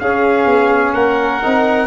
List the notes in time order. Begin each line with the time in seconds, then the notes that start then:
0.00 C#4 G#4 F5
0.45 B3
0.94 A#3 A#4 F#5
1.43 C4 D#4